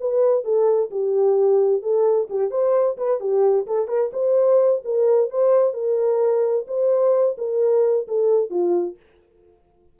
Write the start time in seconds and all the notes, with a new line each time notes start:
0.00 B4
0.44 A4
0.90 G4
1.82 A4
2.29 G4
2.50 C5
2.97 B4
3.20 G4
3.66 A4
3.87 A#4
4.12 C5
4.84 A#4
5.30 C5
5.73 A#4
6.67 C5
7.37 A#4
8.07 A4
8.50 F4